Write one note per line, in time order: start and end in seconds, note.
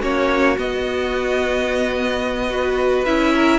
0.00 0.57 A#3
0.00 0.56 C#4
0.00 2.48 F#4
0.00 0.58 C#5
0.57 2.50 B3
0.57 3.06 B3
0.57 3.05 D#5
2.50 3.05 F#4
2.50 3.34 B4
3.05 3.59 C#4
3.05 3.59 E4
3.05 3.59 E5
3.35 3.59 A#4